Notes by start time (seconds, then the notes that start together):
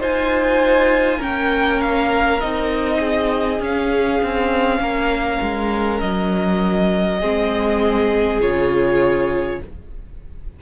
0.00 D#4 F4 C5 G#5
1.18 A#3 C#4 A#4 G5
1.81 F5
2.41 C4 D#4 D#5
3.00 G#4
3.60 C#4 F5
4.23 C4
4.79 A#3 A#4
5.42 G#3
6.00 F#3 D#5
7.20 G#3 C4 G#4
8.40 C#3 F4 C#5